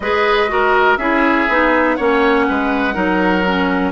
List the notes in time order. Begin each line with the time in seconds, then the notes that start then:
0.00 G#3 G#4 B4 D#5
0.48 F#4 A#4
0.97 C#4 E4 G#4 E5
1.48 B3 D#4
1.95 A#3 C#4 C#5 F#5
2.48 G#3 B4
2.93 F#3 D#4 A#4
3.46 C#4